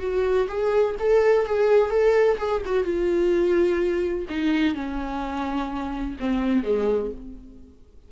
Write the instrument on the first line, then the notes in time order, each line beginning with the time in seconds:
viola
0.00 F#4
0.48 G#4
0.99 A4
1.46 G#4
1.90 A4
2.38 G#4
2.65 F#4
2.84 F4
4.29 D#4
4.75 C#4
6.20 C4
6.64 G#3